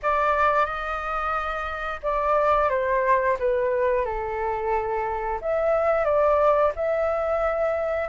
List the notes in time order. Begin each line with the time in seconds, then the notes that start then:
0.02 D5
0.65 D#5
2.02 D5
2.69 C5
3.39 B4
4.05 A4
5.41 E5
6.04 D5
6.75 E5